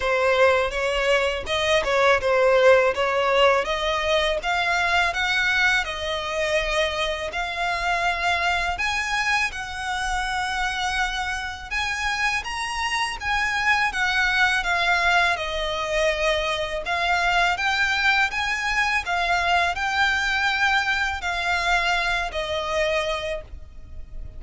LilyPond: \new Staff \with { instrumentName = "violin" } { \time 4/4 \tempo 4 = 82 c''4 cis''4 dis''8 cis''8 c''4 | cis''4 dis''4 f''4 fis''4 | dis''2 f''2 | gis''4 fis''2. |
gis''4 ais''4 gis''4 fis''4 | f''4 dis''2 f''4 | g''4 gis''4 f''4 g''4~ | g''4 f''4. dis''4. | }